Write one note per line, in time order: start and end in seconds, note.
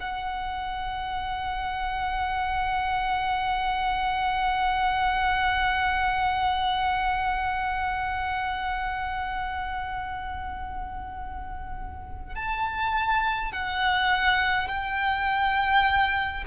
0.00 12.35 F#5
12.35 13.53 A5
13.53 14.68 F#5
14.68 16.45 G5